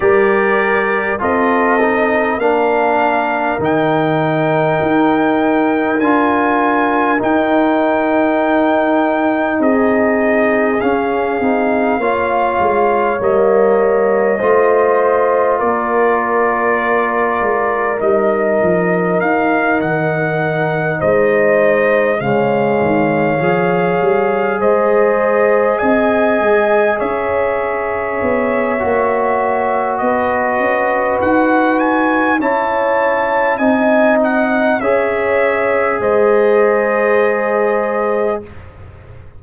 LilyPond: <<
  \new Staff \with { instrumentName = "trumpet" } { \time 4/4 \tempo 4 = 50 d''4 dis''4 f''4 g''4~ | g''4 gis''4 g''2 | dis''4 f''2 dis''4~ | dis''4 d''2 dis''4 |
f''8 fis''4 dis''4 f''4.~ | f''8 dis''4 gis''4 e''4.~ | e''4 dis''4 fis''8 gis''8 a''4 | gis''8 fis''8 e''4 dis''2 | }
  \new Staff \with { instrumentName = "horn" } { \time 4/4 ais'4 a'4 ais'2~ | ais'1 | gis'2 cis''2 | c''4 ais'2.~ |
ais'4. c''4 cis''4.~ | cis''8 c''4 dis''4 cis''4.~ | cis''4 b'2 cis''4 | dis''4 cis''4 c''2 | }
  \new Staff \with { instrumentName = "trombone" } { \time 4/4 g'4 f'8 dis'8 d'4 dis'4~ | dis'4 f'4 dis'2~ | dis'4 cis'8 dis'8 f'4 ais4 | f'2. dis'4~ |
dis'2~ dis'8 gis4 gis'8~ | gis'1 | fis'2. e'4 | dis'4 gis'2. | }
  \new Staff \with { instrumentName = "tuba" } { \time 4/4 g4 c'4 ais4 dis4 | dis'4 d'4 dis'2 | c'4 cis'8 c'8 ais8 gis8 g4 | a4 ais4. gis8 g8 f8 |
dis'8 dis4 gis4 cis8 dis8 f8 | g8 gis4 c'8 gis8 cis'4 b8 | ais4 b8 cis'8 dis'4 cis'4 | c'4 cis'4 gis2 | }
>>